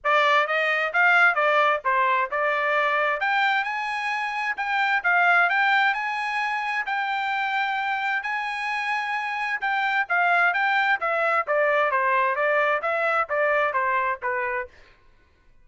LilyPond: \new Staff \with { instrumentName = "trumpet" } { \time 4/4 \tempo 4 = 131 d''4 dis''4 f''4 d''4 | c''4 d''2 g''4 | gis''2 g''4 f''4 | g''4 gis''2 g''4~ |
g''2 gis''2~ | gis''4 g''4 f''4 g''4 | e''4 d''4 c''4 d''4 | e''4 d''4 c''4 b'4 | }